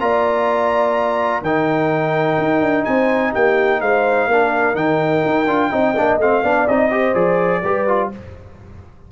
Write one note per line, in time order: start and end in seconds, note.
0.00 1.41 A#3
0.00 1.43 F4
0.00 1.42 D5
0.00 1.43 A#5
1.41 2.37 D#3
1.41 4.31 D#4
1.41 2.85 A#4
1.41 2.84 G5
2.38 2.61 D#4
2.61 2.85 D4
2.84 3.35 C4
2.84 3.32 C5
2.84 3.32 G#5
3.32 3.81 A#3
3.32 3.80 G4
3.32 3.81 G5
3.81 4.27 G#3
3.81 4.28 C5
3.81 4.75 F5
4.27 4.75 A#3
4.27 4.75 D4
4.27 5.71 A#4
4.75 5.22 D#3
4.75 5.46 D#4
4.75 6.18 G5
5.25 5.46 D#4
5.46 5.70 D4
5.46 5.70 F4
5.70 5.96 C4
5.70 5.94 D#4
5.70 6.43 D#5
5.97 6.18 A#3
5.97 6.20 D4
6.18 6.42 A3
6.18 6.44 C4
6.18 6.67 F5
6.43 6.67 B3
6.43 6.68 D4
6.43 6.90 D5
6.67 7.14 C4
6.67 6.91 D#4
6.67 7.14 D#5
6.90 7.14 G4
6.90 7.61 C5
7.14 7.62 F3
7.14 7.62 G#4
7.14 8.10 D5
7.62 8.12 G3
7.62 7.88 G4
7.62 8.10 B4
7.88 8.12 F4